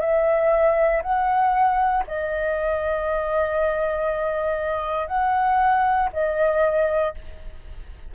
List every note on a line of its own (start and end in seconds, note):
0.00 1.02 E5
1.02 2.04 F#5
2.07 5.07 D#5
5.07 6.09 F#5
6.12 7.14 D#5